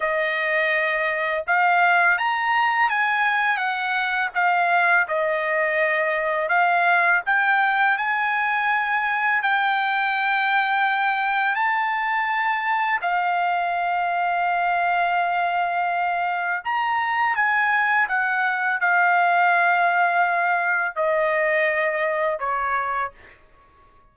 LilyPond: \new Staff \with { instrumentName = "trumpet" } { \time 4/4 \tempo 4 = 83 dis''2 f''4 ais''4 | gis''4 fis''4 f''4 dis''4~ | dis''4 f''4 g''4 gis''4~ | gis''4 g''2. |
a''2 f''2~ | f''2. ais''4 | gis''4 fis''4 f''2~ | f''4 dis''2 cis''4 | }